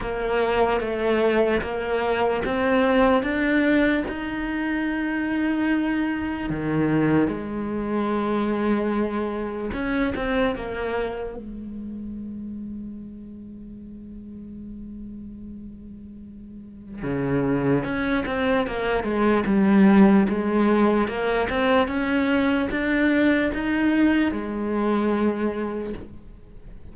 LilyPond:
\new Staff \with { instrumentName = "cello" } { \time 4/4 \tempo 4 = 74 ais4 a4 ais4 c'4 | d'4 dis'2. | dis4 gis2. | cis'8 c'8 ais4 gis2~ |
gis1~ | gis4 cis4 cis'8 c'8 ais8 gis8 | g4 gis4 ais8 c'8 cis'4 | d'4 dis'4 gis2 | }